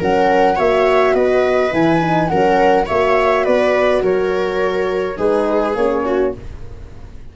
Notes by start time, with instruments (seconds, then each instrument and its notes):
0.00 tuba F#3, horn C#4, viola A#4, flute F#5
0.56 tuba A#3, horn F#4, viola C#5, flute E5
1.15 tuba B3, viola B4, flute D#5
1.72 tuba E3, horn E4, flute G#5
2.02 horn D#4
2.28 tuba F#3, horn C#4, viola A#4, flute F#5
2.87 tuba A#3, horn F#4, viola C#5, flute E5
3.45 tuba B3, viola B4, flute D5
4.03 tuba F#3, viola A#4, flute C#5
5.17 tuba G#3, horn D#4, viola G#4, flute B4
5.76 tuba A#3, horn C#4, flute C#5
6.06 viola F#4